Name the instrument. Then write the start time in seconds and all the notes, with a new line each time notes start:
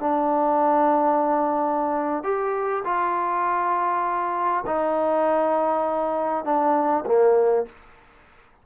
trombone
0.00 D4
2.24 G4
2.85 F4
4.67 D#4
6.45 D4
7.06 A#3